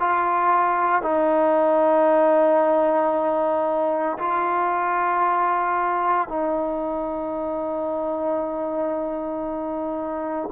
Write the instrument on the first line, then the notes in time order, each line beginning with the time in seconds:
trombone
0.00 F4
1.02 D#4
4.19 F4
6.28 D#4